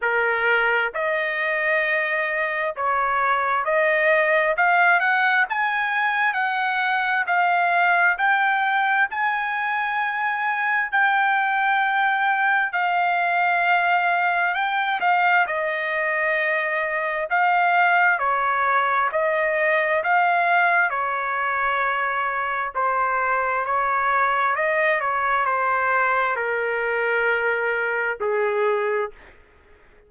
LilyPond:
\new Staff \with { instrumentName = "trumpet" } { \time 4/4 \tempo 4 = 66 ais'4 dis''2 cis''4 | dis''4 f''8 fis''8 gis''4 fis''4 | f''4 g''4 gis''2 | g''2 f''2 |
g''8 f''8 dis''2 f''4 | cis''4 dis''4 f''4 cis''4~ | cis''4 c''4 cis''4 dis''8 cis''8 | c''4 ais'2 gis'4 | }